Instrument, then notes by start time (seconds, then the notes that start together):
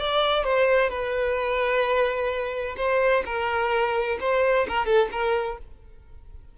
violin
0.00 D5
0.44 C5
0.90 B4
2.77 C5
3.26 A#4
4.21 C5
4.68 A#4
4.86 A4
5.12 A#4